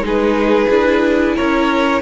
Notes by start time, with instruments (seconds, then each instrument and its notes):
0.00 cello G#3, viola D#4, violin G#4
0.06 violin B4
0.69 cello D4, viola E4
1.36 cello C#4, violin A#4 C#5